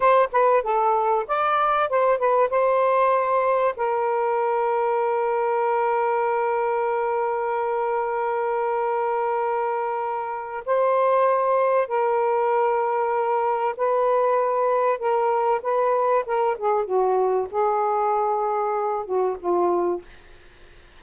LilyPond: \new Staff \with { instrumentName = "saxophone" } { \time 4/4 \tempo 4 = 96 c''8 b'8 a'4 d''4 c''8 b'8 | c''2 ais'2~ | ais'1~ | ais'1~ |
ais'4 c''2 ais'4~ | ais'2 b'2 | ais'4 b'4 ais'8 gis'8 fis'4 | gis'2~ gis'8 fis'8 f'4 | }